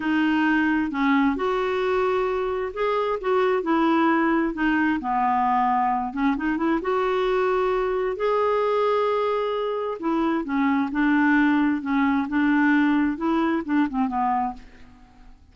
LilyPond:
\new Staff \with { instrumentName = "clarinet" } { \time 4/4 \tempo 4 = 132 dis'2 cis'4 fis'4~ | fis'2 gis'4 fis'4 | e'2 dis'4 b4~ | b4. cis'8 dis'8 e'8 fis'4~ |
fis'2 gis'2~ | gis'2 e'4 cis'4 | d'2 cis'4 d'4~ | d'4 e'4 d'8 c'8 b4 | }